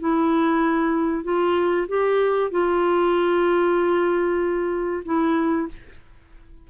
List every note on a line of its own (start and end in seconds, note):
0.00 1.24 E4
1.24 1.87 F4
1.89 2.51 G4
2.51 5.04 F4
5.05 5.68 E4